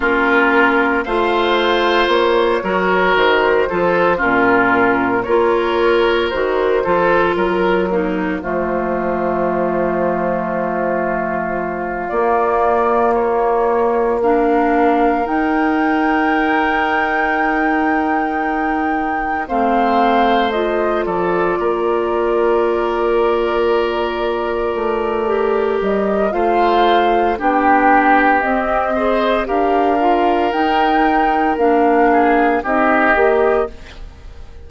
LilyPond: <<
  \new Staff \with { instrumentName = "flute" } { \time 4/4 \tempo 4 = 57 ais'4 f''4 cis''4 c''4 | ais'4 cis''4 c''4 ais'4 | c''2.~ c''8 d''8~ | d''8 cis''4 f''4 g''4.~ |
g''2~ g''8 f''4 dis''8 | d''1~ | d''8 dis''8 f''4 g''4 dis''4 | f''4 g''4 f''4 dis''4 | }
  \new Staff \with { instrumentName = "oboe" } { \time 4/4 f'4 c''4. ais'4 a'8 | f'4 ais'4. a'8 ais'8 ais8 | f'1~ | f'4. ais'2~ ais'8~ |
ais'2~ ais'8 c''4. | a'8 ais'2.~ ais'8~ | ais'4 c''4 g'4. c''8 | ais'2~ ais'8 gis'8 g'4 | }
  \new Staff \with { instrumentName = "clarinet" } { \time 4/4 cis'4 f'4. fis'4 f'8 | cis'4 f'4 fis'8 f'4 dis'8 | a2.~ a8 ais8~ | ais4. d'4 dis'4.~ |
dis'2~ dis'8 c'4 f'8~ | f'1 | g'4 f'4 d'4 c'8 gis'8 | g'8 f'8 dis'4 d'4 dis'8 g'8 | }
  \new Staff \with { instrumentName = "bassoon" } { \time 4/4 ais4 a4 ais8 fis8 dis8 f8 | ais,4 ais4 dis8 f8 fis4 | f2.~ f8 ais8~ | ais2~ ais8 dis'4.~ |
dis'2~ dis'8 a4. | f8 ais2. a8~ | a8 g8 a4 b4 c'4 | d'4 dis'4 ais4 c'8 ais8 | }
>>